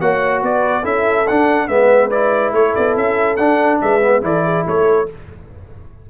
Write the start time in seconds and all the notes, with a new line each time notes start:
0.00 A#3 F#4 C#5 F#5
0.42 B3 B4 D5
0.82 C#4 E4 A4 E5
1.27 D4 F#5
1.68 G#3 B3 B4 E5
2.10 E4 D5
2.53 A3 A4 C#5
2.75 B3 D5
2.96 C#4 E5
3.36 D4 F#5
3.81 G#3 B4 E5
4.01 B3
4.21 E3 E4 A4 D5
4.45 G#4
4.66 A3 A4 C#5